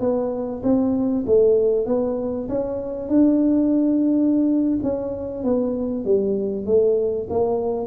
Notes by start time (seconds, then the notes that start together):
0.00 B3
0.63 C4
1.26 A3
1.86 B3
2.49 C#4
3.09 D4
4.83 C#4
5.43 B3
6.05 G3
6.66 A3
7.29 A#3